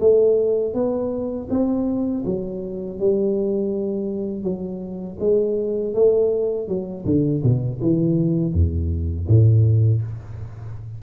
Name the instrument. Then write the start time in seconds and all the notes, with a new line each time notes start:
tuba
0.00 A3
0.74 B3
1.50 C4
2.25 F#3
2.99 G3
4.43 F#3
5.20 G#3
5.94 A3
6.68 F#3
7.05 D3
7.43 B2
7.81 E3
8.53 E2
9.28 A2